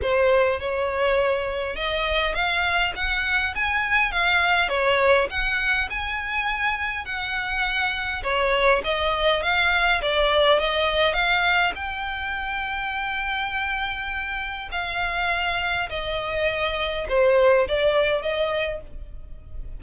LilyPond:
\new Staff \with { instrumentName = "violin" } { \time 4/4 \tempo 4 = 102 c''4 cis''2 dis''4 | f''4 fis''4 gis''4 f''4 | cis''4 fis''4 gis''2 | fis''2 cis''4 dis''4 |
f''4 d''4 dis''4 f''4 | g''1~ | g''4 f''2 dis''4~ | dis''4 c''4 d''4 dis''4 | }